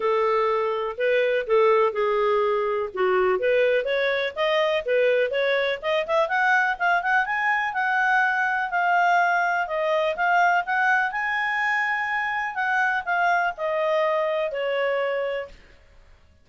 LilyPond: \new Staff \with { instrumentName = "clarinet" } { \time 4/4 \tempo 4 = 124 a'2 b'4 a'4 | gis'2 fis'4 b'4 | cis''4 dis''4 b'4 cis''4 | dis''8 e''8 fis''4 f''8 fis''8 gis''4 |
fis''2 f''2 | dis''4 f''4 fis''4 gis''4~ | gis''2 fis''4 f''4 | dis''2 cis''2 | }